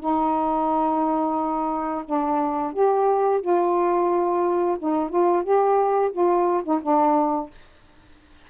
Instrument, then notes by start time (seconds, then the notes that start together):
saxophone
0.00 D#4
2.05 D4
2.73 G4
3.41 F4
4.79 D#4
5.10 F4
5.43 G4
6.12 F4
6.64 D#4
6.82 D4